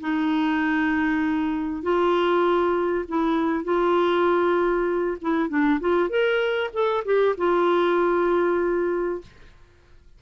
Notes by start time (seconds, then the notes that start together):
0.00 D#4
1.83 F4
3.08 E4
3.64 F4
5.21 E4
5.49 D4
5.80 F4
6.09 A#4
6.73 A4
7.05 G4
7.37 F4